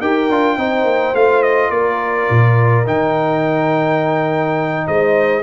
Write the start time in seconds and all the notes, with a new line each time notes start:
0.00 D#4 G4 A#4 G5
0.30 D4 F4
0.57 C4 D#4 C5
0.84 A#3
1.14 A3 F4 F5
1.42 D#5
1.70 A#3 A#4 D5
2.30 A#2
2.85 D#3 D#4 G5
4.86 G#3 C5 D#5